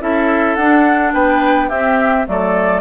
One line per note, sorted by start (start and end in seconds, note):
0.00 0.56 C#4
0.00 0.57 E4
0.00 1.14 A4
0.00 0.55 E5
0.55 1.13 D4
0.55 1.71 D4
0.55 1.12 F#5
1.13 1.70 B3
1.13 1.68 B4
1.13 1.69 G5
1.68 2.27 C4
1.68 2.26 C4
1.68 2.25 G4
1.68 2.26 E5
2.26 2.81 F#3
2.26 2.81 A3
2.26 2.81 A4
2.26 2.81 D5